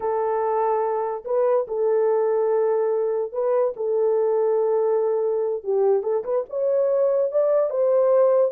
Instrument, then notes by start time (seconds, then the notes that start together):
horn
0.00 A4
1.25 B4
1.67 A4
3.32 B4
3.76 A4
5.63 G4
6.02 A4
6.24 B4
6.49 C#5
7.31 D5
7.70 C5